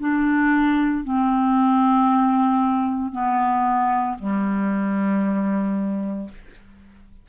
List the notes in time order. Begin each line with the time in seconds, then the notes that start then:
0.00 D4
1.04 C4
3.12 B3
4.19 G3